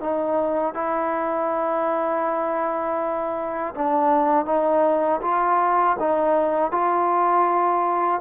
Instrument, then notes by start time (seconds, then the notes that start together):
trombone
0.00 D#4
0.74 E4
3.74 D4
4.45 D#4
5.22 F4
5.99 D#4
6.71 F4